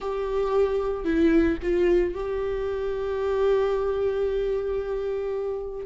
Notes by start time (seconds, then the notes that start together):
0.00 G4
1.04 E4
1.62 F4
2.14 G4